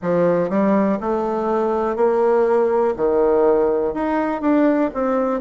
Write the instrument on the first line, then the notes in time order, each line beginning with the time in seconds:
bassoon
0.02 F3
0.49 G3
1.00 A3
1.95 A#3
2.96 D#3
3.93 D#4
4.41 D4
4.94 C4